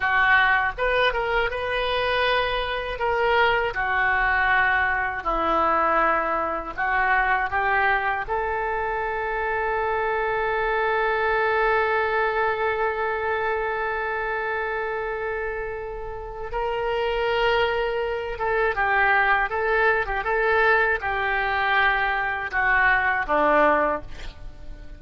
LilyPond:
\new Staff \with { instrumentName = "oboe" } { \time 4/4 \tempo 4 = 80 fis'4 b'8 ais'8 b'2 | ais'4 fis'2 e'4~ | e'4 fis'4 g'4 a'4~ | a'1~ |
a'1~ | a'2 ais'2~ | ais'8 a'8 g'4 a'8. g'16 a'4 | g'2 fis'4 d'4 | }